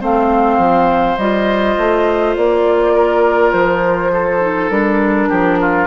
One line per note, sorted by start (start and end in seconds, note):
0.00 0.57 A3
0.00 1.18 C4
0.00 2.93 C5
0.00 1.17 F5
0.57 1.16 F3
1.17 1.76 G3
1.17 4.40 F4
1.17 2.35 D#5
1.77 2.36 A3
2.35 3.53 A#3
2.35 3.52 D5
2.93 4.11 A#4
3.52 4.70 F3
3.52 4.69 C5
4.12 5.28 A4
4.40 4.70 D#4
4.69 5.29 G3
4.69 5.87 D4
4.69 5.87 A#4
5.28 5.87 F3
5.28 5.58 G4
5.60 5.87 F4